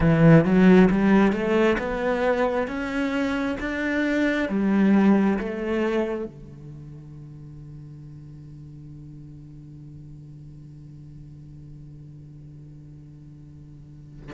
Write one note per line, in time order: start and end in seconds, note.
0.00 0.44 E3
0.44 0.89 F#3
0.90 1.32 G3
1.32 1.77 A3
1.78 2.67 B3
2.67 3.57 C#4
3.60 4.49 D4
4.49 5.38 G3
5.38 6.25 A3
6.25 14.31 D3